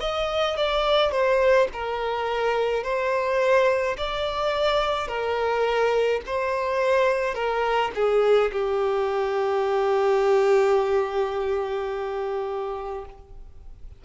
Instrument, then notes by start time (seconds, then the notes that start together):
violin
0.00 D#5
0.57 D5
1.11 C5
1.73 A#4
2.83 C5
3.97 D5
5.07 A#4
6.26 C5
7.34 A#4
7.95 G#4
8.52 G4